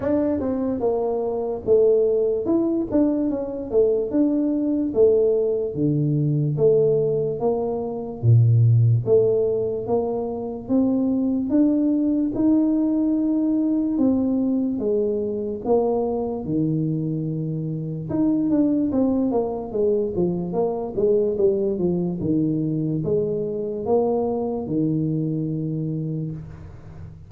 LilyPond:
\new Staff \with { instrumentName = "tuba" } { \time 4/4 \tempo 4 = 73 d'8 c'8 ais4 a4 e'8 d'8 | cis'8 a8 d'4 a4 d4 | a4 ais4 ais,4 a4 | ais4 c'4 d'4 dis'4~ |
dis'4 c'4 gis4 ais4 | dis2 dis'8 d'8 c'8 ais8 | gis8 f8 ais8 gis8 g8 f8 dis4 | gis4 ais4 dis2 | }